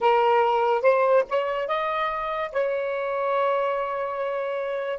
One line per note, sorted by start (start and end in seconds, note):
0.00 0.81 A#4
0.81 1.23 C5
1.29 1.67 C#5
1.67 2.50 D#5
2.52 4.99 C#5